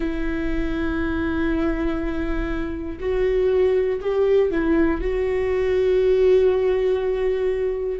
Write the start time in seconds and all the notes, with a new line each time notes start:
0.00 E4
3.00 F#4
4.00 G4
4.50 E4
5.00 F#4